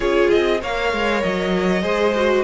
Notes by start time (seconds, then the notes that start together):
0.00 C#4 F4 G#4 C#5
0.30 C4 D#5
0.60 A#3 A#4 C#5 F5
0.92 G#3
1.23 F#3 D#5
1.82 G#3 G#4 C5
2.15 F#4